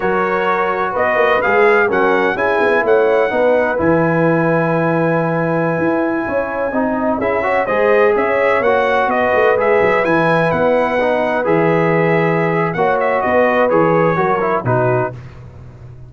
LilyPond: <<
  \new Staff \with { instrumentName = "trumpet" } { \time 4/4 \tempo 4 = 127 cis''2 dis''4 f''4 | fis''4 gis''4 fis''2 | gis''1~ | gis''2.~ gis''16 e''8.~ |
e''16 dis''4 e''4 fis''4 dis''8.~ | dis''16 e''4 gis''4 fis''4.~ fis''16~ | fis''16 e''2~ e''8. fis''8 e''8 | dis''4 cis''2 b'4 | }
  \new Staff \with { instrumentName = "horn" } { \time 4/4 ais'2 b'2 | ais'4 gis'4 cis''4 b'4~ | b'1~ | b'4~ b'16 cis''4 dis''4 gis'8 cis''16~ |
cis''16 c''4 cis''2 b'8.~ | b'1~ | b'2. cis''4 | b'2 ais'4 fis'4 | }
  \new Staff \with { instrumentName = "trombone" } { \time 4/4 fis'2. gis'4 | cis'4 e'2 dis'4 | e'1~ | e'2~ e'16 dis'4 e'8 fis'16~ |
fis'16 gis'2 fis'4.~ fis'16~ | fis'16 gis'4 e'2 dis'8.~ | dis'16 gis'2~ gis'8. fis'4~ | fis'4 gis'4 fis'8 e'8 dis'4 | }
  \new Staff \with { instrumentName = "tuba" } { \time 4/4 fis2 b8 ais8 gis4 | fis4 cis'8 b8 a4 b4 | e1~ | e16 e'4 cis'4 c'4 cis'8.~ |
cis'16 gis4 cis'4 ais4 b8 a16~ | a16 gis8 fis8 e4 b4.~ b16~ | b16 e2~ e8. ais4 | b4 e4 fis4 b,4 | }
>>